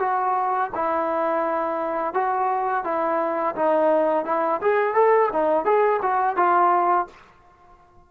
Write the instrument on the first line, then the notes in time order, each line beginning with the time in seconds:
trombone
0.00 F#4
0.75 E4
2.15 F#4
2.85 E4
3.56 D#4
4.26 E4
4.62 G#4
4.95 A4
5.33 D#4
5.66 G#4
6.03 F#4
6.37 F4